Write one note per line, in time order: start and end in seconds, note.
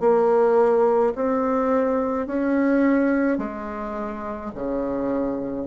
0.00 1.13 A#3
1.15 2.27 C4
2.27 3.38 C#4
3.38 4.51 G#3
4.55 5.68 C#3